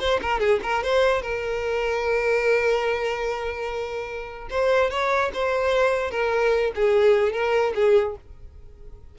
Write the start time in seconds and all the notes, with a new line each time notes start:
0.00 C5
0.22 A#4
0.40 G#4
0.63 A#4
0.83 C5
1.22 A#4
4.50 C5
4.91 C#5
5.34 C5
6.11 A#4
6.76 G#4
7.33 A#4
7.75 G#4